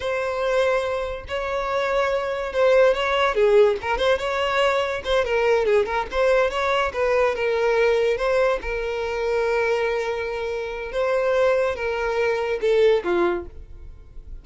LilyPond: \new Staff \with { instrumentName = "violin" } { \time 4/4 \tempo 4 = 143 c''2. cis''4~ | cis''2 c''4 cis''4 | gis'4 ais'8 c''8 cis''2 | c''8 ais'4 gis'8 ais'8 c''4 cis''8~ |
cis''8 b'4 ais'2 c''8~ | c''8 ais'2.~ ais'8~ | ais'2 c''2 | ais'2 a'4 f'4 | }